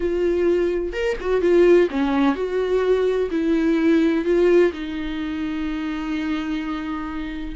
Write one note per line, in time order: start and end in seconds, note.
0.00 0.92 F4
0.92 1.16 A#4
1.20 1.41 F#4
1.41 1.88 F4
1.90 2.35 C#4
2.35 3.29 F#4
3.30 4.25 E4
4.25 4.72 F4
4.72 7.55 D#4